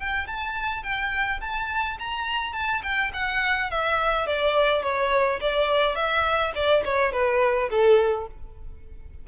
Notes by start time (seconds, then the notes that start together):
0.00 G5
0.28 A5
0.84 G5
1.41 A5
1.99 A#5
2.54 A5
2.83 G5
3.14 F#5
3.71 E5
4.27 D5
4.83 C#5
5.41 D5
5.96 E5
6.55 D5
6.85 C#5
7.13 B4
7.70 A4